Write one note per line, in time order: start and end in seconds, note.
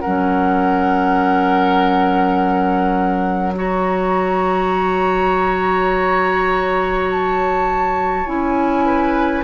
0.00 8.27 F#3
0.00 3.55 C#4
0.00 3.54 A#4
0.00 3.53 F#5
3.55 8.26 F#4
3.55 8.86 C#5
3.55 7.11 A#5
7.11 8.27 A5
8.26 9.45 C#4
8.26 9.44 E4
8.26 9.44 G#5
8.86 9.44 B4